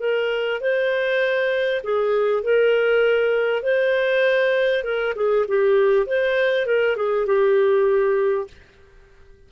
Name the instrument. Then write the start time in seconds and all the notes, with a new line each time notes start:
clarinet
0.00 A#4
0.61 C5
1.83 G#4
2.43 A#4
3.63 C5
4.84 A#4
5.16 G#4
5.48 G4
6.07 C5
6.66 A#4
6.96 G#4
7.26 G4